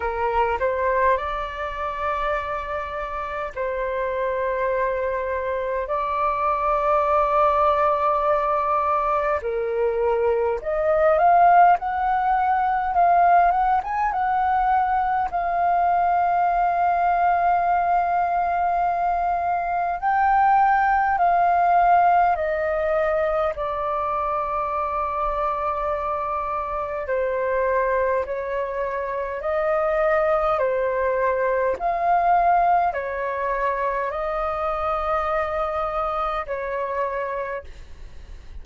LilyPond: \new Staff \with { instrumentName = "flute" } { \time 4/4 \tempo 4 = 51 ais'8 c''8 d''2 c''4~ | c''4 d''2. | ais'4 dis''8 f''8 fis''4 f''8 fis''16 gis''16 | fis''4 f''2.~ |
f''4 g''4 f''4 dis''4 | d''2. c''4 | cis''4 dis''4 c''4 f''4 | cis''4 dis''2 cis''4 | }